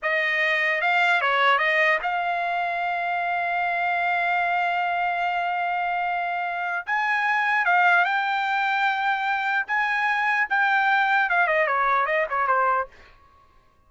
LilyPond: \new Staff \with { instrumentName = "trumpet" } { \time 4/4 \tempo 4 = 149 dis''2 f''4 cis''4 | dis''4 f''2.~ | f''1~ | f''1~ |
f''4 gis''2 f''4 | g''1 | gis''2 g''2 | f''8 dis''8 cis''4 dis''8 cis''8 c''4 | }